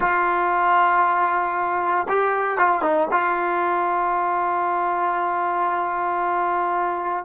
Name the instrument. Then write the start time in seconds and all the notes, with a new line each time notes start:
trombone
0.00 F4
2.08 G4
2.58 F4
2.82 D#4
3.11 F4